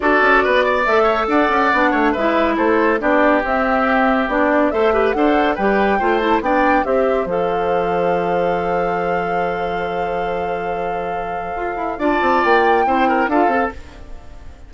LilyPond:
<<
  \new Staff \with { instrumentName = "flute" } { \time 4/4 \tempo 4 = 140 d''2 e''4 fis''4~ | fis''4 e''4 c''4 d''4 | e''2 d''4 e''4 | fis''4 g''4. a''8 g''4 |
e''4 f''2.~ | f''1~ | f''1 | a''4 g''2 f''4 | }
  \new Staff \with { instrumentName = "oboe" } { \time 4/4 a'4 b'8 d''4 cis''8 d''4~ | d''8 cis''8 b'4 a'4 g'4~ | g'2. c''8 b'8 | c''4 b'4 c''4 d''4 |
c''1~ | c''1~ | c''1 | d''2 c''8 ais'8 a'4 | }
  \new Staff \with { instrumentName = "clarinet" } { \time 4/4 fis'2 a'2 | d'4 e'2 d'4 | c'2 d'4 a'8 g'8 | a'4 g'4 f'8 e'8 d'4 |
g'4 a'2.~ | a'1~ | a'1 | f'2 e'4 f'8 a'8 | }
  \new Staff \with { instrumentName = "bassoon" } { \time 4/4 d'8 cis'8 b4 a4 d'8 cis'8 | b8 a8 gis4 a4 b4 | c'2 b4 a4 | d'4 g4 a4 b4 |
c'4 f2.~ | f1~ | f2. f'8 e'8 | d'8 c'8 ais4 c'4 d'8 c'8 | }
>>